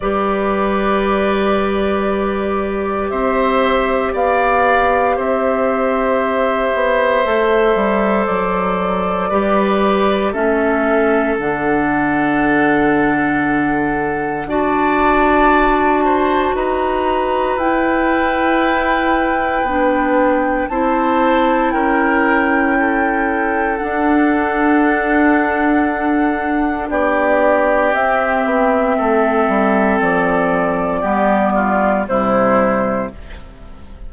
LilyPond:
<<
  \new Staff \with { instrumentName = "flute" } { \time 4/4 \tempo 4 = 58 d''2. e''4 | f''4 e''2. | d''2 e''4 fis''4~ | fis''2 a''2 |
ais''4 g''2. | a''4 g''2 fis''4~ | fis''2 d''4 e''4~ | e''4 d''2 c''4 | }
  \new Staff \with { instrumentName = "oboe" } { \time 4/4 b'2. c''4 | d''4 c''2.~ | c''4 b'4 a'2~ | a'2 d''4. c''8 |
b'1 | c''4 ais'4 a'2~ | a'2 g'2 | a'2 g'8 f'8 e'4 | }
  \new Staff \with { instrumentName = "clarinet" } { \time 4/4 g'1~ | g'2. a'4~ | a'4 g'4 cis'4 d'4~ | d'2 fis'2~ |
fis'4 e'2 d'4 | e'2. d'4~ | d'2. c'4~ | c'2 b4 g4 | }
  \new Staff \with { instrumentName = "bassoon" } { \time 4/4 g2. c'4 | b4 c'4. b8 a8 g8 | fis4 g4 a4 d4~ | d2 d'2 |
dis'4 e'2 b4 | c'4 cis'2 d'4~ | d'2 b4 c'8 b8 | a8 g8 f4 g4 c4 | }
>>